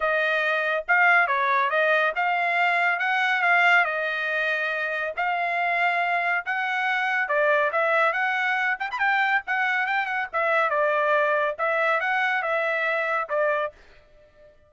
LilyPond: \new Staff \with { instrumentName = "trumpet" } { \time 4/4 \tempo 4 = 140 dis''2 f''4 cis''4 | dis''4 f''2 fis''4 | f''4 dis''2. | f''2. fis''4~ |
fis''4 d''4 e''4 fis''4~ | fis''8 g''16 b''16 g''4 fis''4 g''8 fis''8 | e''4 d''2 e''4 | fis''4 e''2 d''4 | }